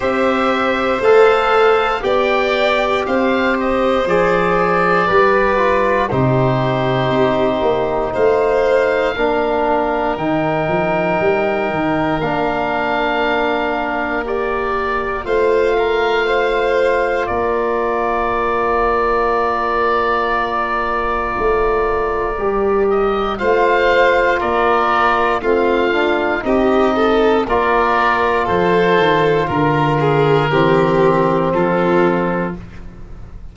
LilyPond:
<<
  \new Staff \with { instrumentName = "oboe" } { \time 4/4 \tempo 4 = 59 e''4 f''4 g''4 f''8 dis''8 | d''2 c''2 | f''2 g''2 | f''2 d''4 f''4~ |
f''4 d''2.~ | d''2~ d''8 dis''8 f''4 | d''4 f''4 dis''4 d''4 | c''4 ais'2 a'4 | }
  \new Staff \with { instrumentName = "violin" } { \time 4/4 c''2 d''4 c''4~ | c''4 b'4 g'2 | c''4 ais'2.~ | ais'2. c''8 ais'8 |
c''4 ais'2.~ | ais'2. c''4 | ais'4 f'4 g'8 a'8 ais'4 | a'4 ais'8 gis'8 g'4 f'4 | }
  \new Staff \with { instrumentName = "trombone" } { \time 4/4 g'4 a'4 g'2 | gis'4 g'8 f'8 dis'2~ | dis'4 d'4 dis'2 | d'2 g'4 f'4~ |
f'1~ | f'2 g'4 f'4~ | f'4 c'8 d'8 dis'4 f'4~ | f'2 c'2 | }
  \new Staff \with { instrumentName = "tuba" } { \time 4/4 c'4 a4 b4 c'4 | f4 g4 c4 c'8 ais8 | a4 ais4 dis8 f8 g8 dis8 | ais2. a4~ |
a4 ais2.~ | ais4 a4 g4 a4 | ais4 a4 c'4 ais4 | f8 dis8 d4 e4 f4 | }
>>